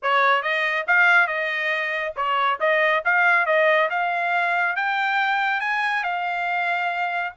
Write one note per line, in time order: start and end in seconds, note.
0.02 0.42 C#5
0.42 0.85 D#5
0.87 1.27 F5
1.27 2.13 D#5
2.15 2.59 C#5
2.60 3.03 D#5
3.04 3.46 F5
3.46 3.89 D#5
3.90 4.76 F5
4.76 5.60 G5
5.60 6.03 G#5
6.03 7.33 F5